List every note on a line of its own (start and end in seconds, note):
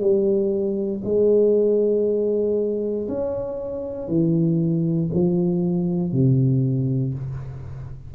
0.00 1.02 G3
1.04 3.07 G#3
3.08 4.08 C#4
4.08 5.09 E3
5.13 6.12 F3
6.12 7.13 C3